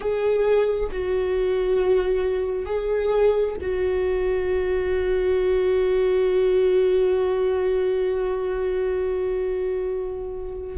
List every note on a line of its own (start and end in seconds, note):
0.00 0.89 G#4
0.91 2.65 F#4
2.65 3.55 G#4
3.61 10.77 F#4